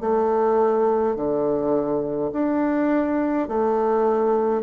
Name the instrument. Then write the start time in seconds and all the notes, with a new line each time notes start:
bassoon
0.00 A3
1.15 D3
2.32 D4
3.48 A3